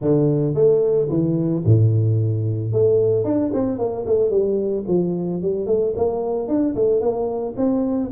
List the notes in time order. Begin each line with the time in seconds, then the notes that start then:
0.01 D3
0.54 A3
1.09 E3
1.65 A2
2.72 A3
3.24 D4
3.53 C4
3.78 A#3
4.05 A3
4.30 G3
4.87 F3
5.42 G3
5.66 A3
5.96 A#3
6.47 D4
6.75 A3
7.00 A#3
7.57 C4